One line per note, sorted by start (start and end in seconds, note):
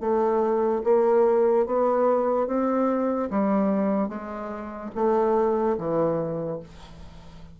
0.00 0.82 A3
0.84 1.66 A#3
1.66 2.47 B3
2.47 3.29 C4
3.30 4.09 G3
4.09 4.91 G#3
4.95 5.77 A3
5.78 6.60 E3